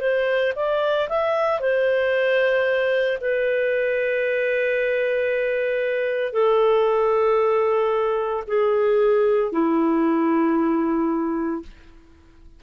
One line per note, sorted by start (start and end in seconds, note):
0.00 0.53 C5
0.56 1.08 D5
1.09 1.60 E5
1.60 3.18 C5
3.21 6.33 B4
6.33 8.44 A4
8.47 9.52 G#4
9.52 11.62 E4